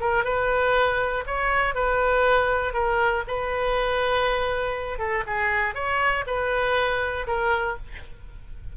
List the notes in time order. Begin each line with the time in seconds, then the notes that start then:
0.00 A#4
0.24 B4
1.26 C#5
1.74 B4
2.73 A#4
3.27 B4
4.98 A4
5.26 G#4
5.74 C#5
6.26 B4
7.27 A#4